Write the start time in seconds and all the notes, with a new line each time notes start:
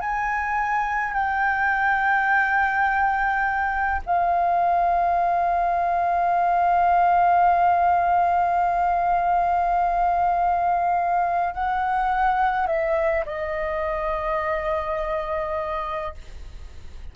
0.00 G#5
1.13 G5
4.05 F5
11.54 F#5
12.67 E5
13.25 D#5